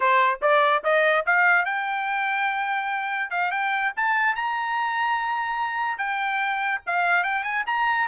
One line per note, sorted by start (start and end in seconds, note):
0.00 0.39 C5
0.41 0.83 D5
0.83 1.25 D#5
1.25 1.65 F5
1.65 3.30 G5
3.30 3.51 F5
3.51 3.92 G5
3.96 4.35 A5
4.35 5.98 A#5
5.98 6.81 G5
6.86 7.23 F5
7.23 7.43 G5
7.43 7.64 G#5
7.66 8.07 A#5